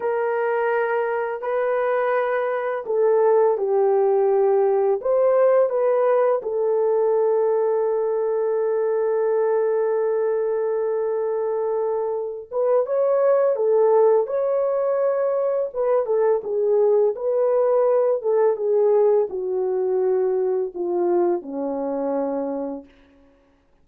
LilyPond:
\new Staff \with { instrumentName = "horn" } { \time 4/4 \tempo 4 = 84 ais'2 b'2 | a'4 g'2 c''4 | b'4 a'2.~ | a'1~ |
a'4. b'8 cis''4 a'4 | cis''2 b'8 a'8 gis'4 | b'4. a'8 gis'4 fis'4~ | fis'4 f'4 cis'2 | }